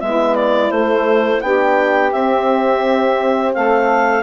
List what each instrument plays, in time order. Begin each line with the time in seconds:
0.00 bassoon G#3, horn B3, saxophone E4, clarinet E5
0.35 clarinet D5
0.71 bassoon A3, horn A3, clarinet C5
1.41 bassoon B3, horn D4, saxophone G4, clarinet G5
2.12 horn C4, bassoon C4, clarinet E5
3.54 bassoon A3, saxophone A4, clarinet F5